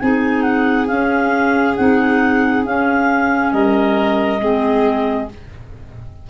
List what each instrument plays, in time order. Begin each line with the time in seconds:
0.00 tuba C4, clarinet D#4 G#5, violin G#4
0.42 clarinet F#5
0.88 clarinet C#4 F5, tuba C#4
1.76 tuba C4, clarinet D#4 F#5
2.65 tuba C#4, clarinet C#4 F5
3.52 tuba G3, violin A#4, clarinet D#5
4.41 tuba G#3, clarinet C4, violin G#4